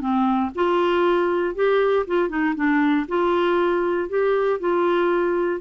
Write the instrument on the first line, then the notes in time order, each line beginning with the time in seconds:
clarinet
0.00 C4
0.55 F4
1.55 G4
2.07 F4
2.29 D#4
2.56 D4
3.08 F4
4.09 G4
4.60 F4